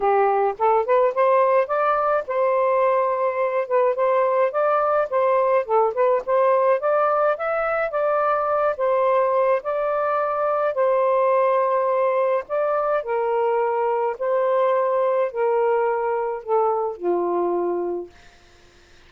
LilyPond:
\new Staff \with { instrumentName = "saxophone" } { \time 4/4 \tempo 4 = 106 g'4 a'8 b'8 c''4 d''4 | c''2~ c''8 b'8 c''4 | d''4 c''4 a'8 b'8 c''4 | d''4 e''4 d''4. c''8~ |
c''4 d''2 c''4~ | c''2 d''4 ais'4~ | ais'4 c''2 ais'4~ | ais'4 a'4 f'2 | }